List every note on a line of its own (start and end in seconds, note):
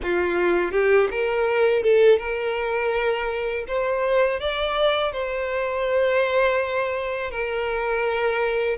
0.02 0.72 F4
0.72 1.08 G4
1.10 1.83 A#4
1.83 2.19 A4
2.19 3.65 A#4
3.67 4.40 C5
4.40 5.12 D5
5.12 7.30 C5
7.30 8.77 A#4